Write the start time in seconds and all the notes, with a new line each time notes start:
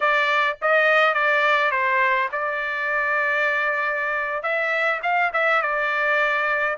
0.00 D5
0.61 D#5
1.14 D5
1.71 C5
2.32 D5
4.42 E5
5.02 F5
5.33 E5
5.61 D5